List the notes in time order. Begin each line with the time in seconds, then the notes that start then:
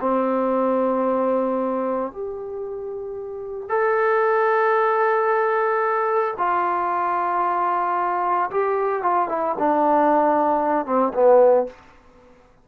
0.00 C4
2.12 G4
3.69 A4
6.38 F4
8.50 G4
9.02 F4
9.28 E4
9.59 D4
10.86 C4
11.14 B3